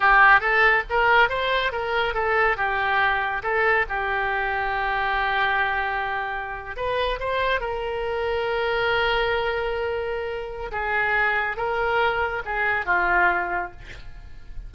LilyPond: \new Staff \with { instrumentName = "oboe" } { \time 4/4 \tempo 4 = 140 g'4 a'4 ais'4 c''4 | ais'4 a'4 g'2 | a'4 g'2.~ | g'2.~ g'8. b'16~ |
b'8. c''4 ais'2~ ais'16~ | ais'1~ | ais'4 gis'2 ais'4~ | ais'4 gis'4 f'2 | }